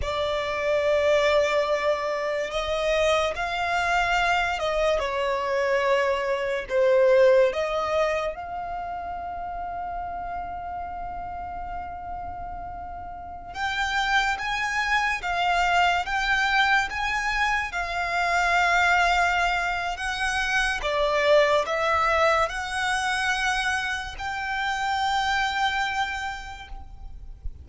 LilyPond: \new Staff \with { instrumentName = "violin" } { \time 4/4 \tempo 4 = 72 d''2. dis''4 | f''4. dis''8 cis''2 | c''4 dis''4 f''2~ | f''1~ |
f''16 g''4 gis''4 f''4 g''8.~ | g''16 gis''4 f''2~ f''8. | fis''4 d''4 e''4 fis''4~ | fis''4 g''2. | }